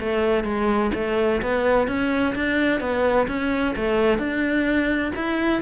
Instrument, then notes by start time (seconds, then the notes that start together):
cello
0.00 A3
0.44 G#3
0.94 A3
1.42 B3
1.87 C#4
2.35 D4
2.80 B3
3.27 C#4
3.76 A3
4.18 D4
5.16 E4